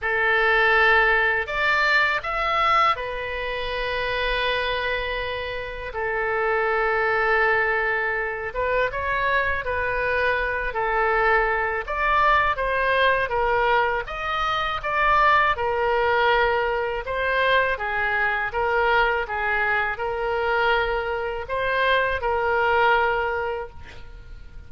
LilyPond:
\new Staff \with { instrumentName = "oboe" } { \time 4/4 \tempo 4 = 81 a'2 d''4 e''4 | b'1 | a'2.~ a'8 b'8 | cis''4 b'4. a'4. |
d''4 c''4 ais'4 dis''4 | d''4 ais'2 c''4 | gis'4 ais'4 gis'4 ais'4~ | ais'4 c''4 ais'2 | }